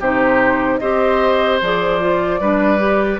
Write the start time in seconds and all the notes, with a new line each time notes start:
0.00 C3 D#4 G4 C5
0.79 C4 G4 C5 D#5
1.62 F3 G#4 D5
2.00 F4
2.40 G3 D4 B4
2.78 G4